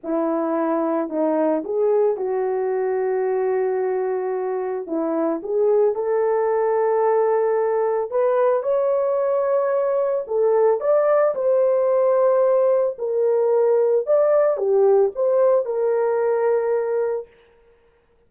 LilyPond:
\new Staff \with { instrumentName = "horn" } { \time 4/4 \tempo 4 = 111 e'2 dis'4 gis'4 | fis'1~ | fis'4 e'4 gis'4 a'4~ | a'2. b'4 |
cis''2. a'4 | d''4 c''2. | ais'2 d''4 g'4 | c''4 ais'2. | }